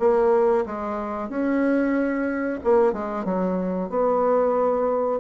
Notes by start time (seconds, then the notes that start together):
0.00 A#3
0.66 G#3
1.30 C#4
2.64 A#3
2.93 G#3
3.25 F#3
3.90 B3